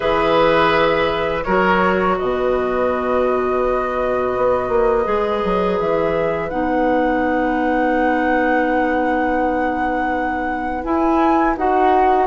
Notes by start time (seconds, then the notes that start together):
0.00 E3 G#4 B4 E5
1.43 F#3 F#4 A#4 C#5
2.17 B2 B4 D#5
4.36 B3
4.69 A#3
5.04 G#3 G#4
5.44 F#3
5.79 E3 E5
6.49 B3 D#4 F#5
10.84 E4 G#5
11.56 D#4 F#4 F#5